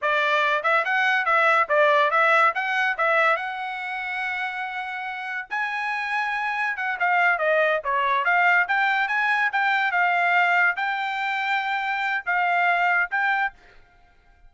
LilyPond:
\new Staff \with { instrumentName = "trumpet" } { \time 4/4 \tempo 4 = 142 d''4. e''8 fis''4 e''4 | d''4 e''4 fis''4 e''4 | fis''1~ | fis''4 gis''2. |
fis''8 f''4 dis''4 cis''4 f''8~ | f''8 g''4 gis''4 g''4 f''8~ | f''4. g''2~ g''8~ | g''4 f''2 g''4 | }